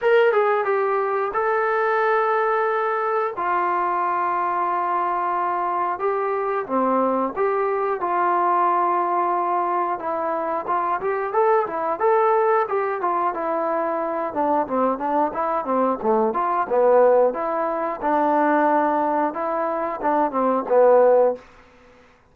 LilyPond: \new Staff \with { instrumentName = "trombone" } { \time 4/4 \tempo 4 = 90 ais'8 gis'8 g'4 a'2~ | a'4 f'2.~ | f'4 g'4 c'4 g'4 | f'2. e'4 |
f'8 g'8 a'8 e'8 a'4 g'8 f'8 | e'4. d'8 c'8 d'8 e'8 c'8 | a8 f'8 b4 e'4 d'4~ | d'4 e'4 d'8 c'8 b4 | }